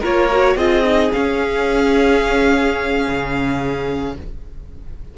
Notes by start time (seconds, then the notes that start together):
0.00 A#3 F4 A#4 C#5
0.31 F#4
0.56 C4 F4 G#4 D#5
0.84 D#4
1.13 C#4 F5
3.08 C#3